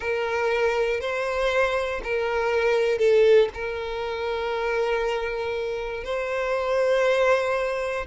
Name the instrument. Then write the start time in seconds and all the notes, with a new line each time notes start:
violin
0.00 A#4
1.00 C5
2.03 A#4
2.98 A4
3.54 A#4
6.04 C5